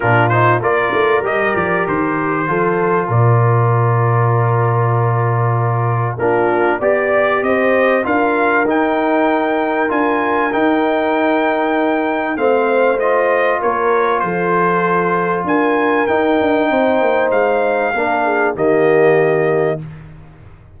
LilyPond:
<<
  \new Staff \with { instrumentName = "trumpet" } { \time 4/4 \tempo 4 = 97 ais'8 c''8 d''4 dis''8 d''8 c''4~ | c''4 d''2.~ | d''2 ais'4 d''4 | dis''4 f''4 g''2 |
gis''4 g''2. | f''4 dis''4 cis''4 c''4~ | c''4 gis''4 g''2 | f''2 dis''2 | }
  \new Staff \with { instrumentName = "horn" } { \time 4/4 f'4 ais'2. | a'4 ais'2.~ | ais'2 f'4 d''4 | c''4 ais'2.~ |
ais'1 | c''2 ais'4 a'4~ | a'4 ais'2 c''4~ | c''4 ais'8 gis'8 g'2 | }
  \new Staff \with { instrumentName = "trombone" } { \time 4/4 d'8 dis'8 f'4 g'2 | f'1~ | f'2 d'4 g'4~ | g'4 f'4 dis'2 |
f'4 dis'2. | c'4 f'2.~ | f'2 dis'2~ | dis'4 d'4 ais2 | }
  \new Staff \with { instrumentName = "tuba" } { \time 4/4 ais,4 ais8 a8 g8 f8 dis4 | f4 ais,2.~ | ais,2 ais4 b4 | c'4 d'4 dis'2 |
d'4 dis'2. | a2 ais4 f4~ | f4 d'4 dis'8 d'8 c'8 ais8 | gis4 ais4 dis2 | }
>>